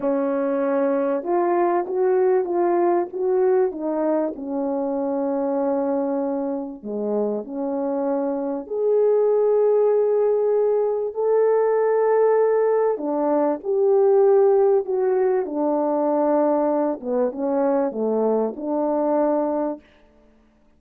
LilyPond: \new Staff \with { instrumentName = "horn" } { \time 4/4 \tempo 4 = 97 cis'2 f'4 fis'4 | f'4 fis'4 dis'4 cis'4~ | cis'2. gis4 | cis'2 gis'2~ |
gis'2 a'2~ | a'4 d'4 g'2 | fis'4 d'2~ d'8 b8 | cis'4 a4 d'2 | }